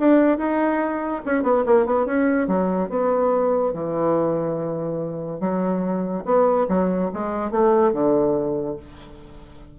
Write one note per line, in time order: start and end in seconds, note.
0.00 0.38 D4
0.38 1.22 D#4
1.26 1.44 C#4
1.44 1.65 B3
1.66 1.86 A#3
1.86 2.06 B3
2.06 2.48 C#4
2.48 2.90 F#3
2.90 3.74 B3
3.74 5.40 E3
5.40 6.24 F#3
6.26 6.68 B3
6.69 7.11 F#3
7.14 7.51 G#3
7.51 7.93 A3
7.93 8.77 D3